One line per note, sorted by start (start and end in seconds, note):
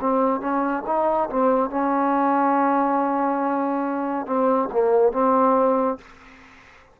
0.00 0.40 C4
0.40 0.83 C#4
0.86 1.29 D#4
1.29 1.69 C4
1.69 4.26 C#4
4.26 4.69 C4
4.71 5.12 A#3
5.12 5.98 C4